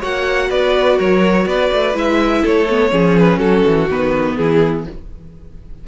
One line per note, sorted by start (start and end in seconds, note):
0.00 0.51 A#3
0.00 1.94 F#4
0.00 0.48 C#5
0.00 0.50 F#5
0.50 0.99 B3
0.50 0.97 B4
0.50 0.99 D5
0.97 1.46 F#3
0.97 1.45 A#4
0.97 1.48 C#5
1.46 1.70 B3
1.46 2.42 B4
1.46 1.96 D5
1.72 1.95 A3
1.94 2.43 G#3
1.94 2.66 E4
1.94 2.46 E5
2.42 2.92 A3
2.42 2.91 A4
2.42 3.19 C#5
2.70 2.90 B3
2.90 3.39 F3
2.90 3.87 C#4
2.90 3.39 G#4
3.19 3.39 B4
3.39 3.63 F#3
3.39 4.36 F#4
3.39 3.87 A4
3.66 3.89 E3
3.89 4.37 D#3
3.89 4.87 B3
3.89 4.37 B4
4.37 4.87 E3
4.37 4.87 E4
4.37 4.85 G#4